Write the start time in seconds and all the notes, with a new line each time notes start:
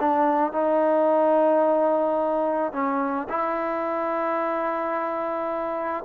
0.00 D4
0.52 D#4
2.72 C#4
3.29 E4